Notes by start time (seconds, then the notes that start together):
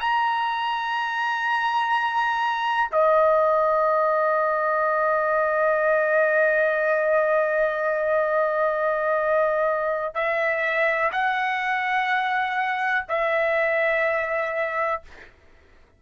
0.00 A#5
2.92 D#5
10.14 E5
11.12 F#5
13.09 E5